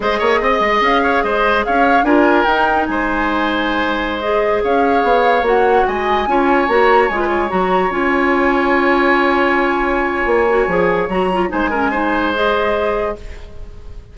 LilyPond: <<
  \new Staff \with { instrumentName = "flute" } { \time 4/4 \tempo 4 = 146 dis''2 f''4 dis''4 | f''4 gis''4 g''4 gis''4~ | gis''2~ gis''16 dis''4 f''8.~ | f''4~ f''16 fis''4 gis''4.~ gis''16~ |
gis''16 ais''4 gis''4 ais''4 gis''8.~ | gis''1~ | gis''2. ais''4 | gis''2 dis''2 | }
  \new Staff \with { instrumentName = "oboe" } { \time 4/4 c''8 cis''8 dis''4. cis''8 c''4 | cis''4 ais'2 c''4~ | c''2.~ c''16 cis''8.~ | cis''2~ cis''16 dis''4 cis''8.~ |
cis''4. b'16 cis''2~ cis''16~ | cis''1~ | cis''1 | c''8 ais'8 c''2. | }
  \new Staff \with { instrumentName = "clarinet" } { \time 4/4 gis'1~ | gis'4 f'4 dis'2~ | dis'2~ dis'16 gis'4.~ gis'16~ | gis'4~ gis'16 fis'2 f'8.~ |
f'16 fis'4 f'4 fis'4 f'8.~ | f'1~ | f'4. fis'8 gis'4 fis'8 f'8 | dis'8 cis'8 dis'4 gis'2 | }
  \new Staff \with { instrumentName = "bassoon" } { \time 4/4 gis8 ais8 c'8 gis8 cis'4 gis4 | cis'4 d'4 dis'4 gis4~ | gis2.~ gis16 cis'8.~ | cis'16 b4 ais4 gis4 cis'8.~ |
cis'16 ais4 gis4 fis4 cis'8.~ | cis'1~ | cis'4 ais4 f4 fis4 | gis1 | }
>>